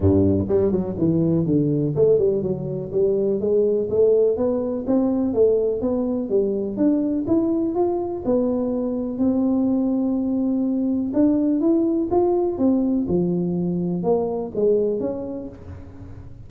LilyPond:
\new Staff \with { instrumentName = "tuba" } { \time 4/4 \tempo 4 = 124 g,4 g8 fis8 e4 d4 | a8 g8 fis4 g4 gis4 | a4 b4 c'4 a4 | b4 g4 d'4 e'4 |
f'4 b2 c'4~ | c'2. d'4 | e'4 f'4 c'4 f4~ | f4 ais4 gis4 cis'4 | }